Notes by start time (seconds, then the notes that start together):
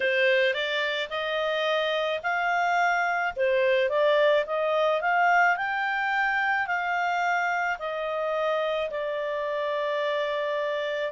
0.00 C5
0.53 D5
1.09 D#5
2.22 F5
3.35 C5
3.89 D5
4.45 D#5
5.01 F5
5.57 G5
6.66 F5
7.78 D#5
8.90 D5